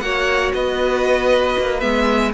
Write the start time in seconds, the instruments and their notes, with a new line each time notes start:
0.00 cello A#3, viola F#4, violin C#5 F#5
0.53 cello B3, violin B4 D#5
1.58 cello A#3
1.80 cello G#3, viola B3, violin E5